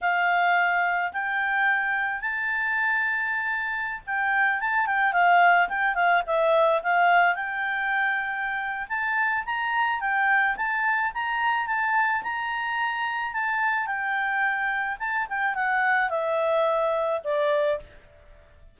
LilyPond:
\new Staff \with { instrumentName = "clarinet" } { \time 4/4 \tempo 4 = 108 f''2 g''2 | a''2.~ a''16 g''8.~ | g''16 a''8 g''8 f''4 g''8 f''8 e''8.~ | e''16 f''4 g''2~ g''8. |
a''4 ais''4 g''4 a''4 | ais''4 a''4 ais''2 | a''4 g''2 a''8 g''8 | fis''4 e''2 d''4 | }